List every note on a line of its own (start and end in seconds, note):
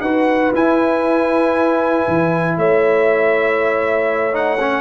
0.00 0.51 D#4
0.00 0.54 F#4
0.00 2.56 B4
0.00 0.51 F#5
0.53 2.06 E4
0.53 4.32 E4
0.53 2.57 G#5
2.07 2.57 E3
2.57 4.80 A3
2.57 4.80 C#5
2.57 4.35 E5
4.32 4.58 D#4
4.32 4.80 F#5
4.59 4.80 C#4